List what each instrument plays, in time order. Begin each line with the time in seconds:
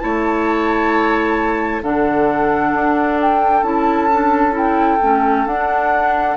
0.00 bassoon A3, clarinet E4, oboe C#5, flute A5
1.82 bassoon D3, clarinet D4, oboe A4, flute F#5
2.73 bassoon D4
3.21 flute G5
3.62 bassoon C#4, clarinet E4, flute A5
4.12 clarinet D4
4.52 clarinet E4, flute G5
5.02 bassoon A3, clarinet C#4
5.46 bassoon D4, clarinet D4, flute F#5